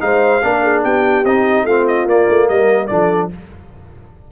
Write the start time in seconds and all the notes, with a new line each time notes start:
0.00 G#3 D#4 C5 F5
0.42 A#3 D4 A#4
0.62 G#4
0.83 B3 G4 G5
1.24 C4 D#4 D#5
1.64 A3 C4 F4 F5
1.87 D#5
2.05 A#3 D5
2.29 A3
2.47 G3 A#4 D#5
2.87 F3 D4 A4 D5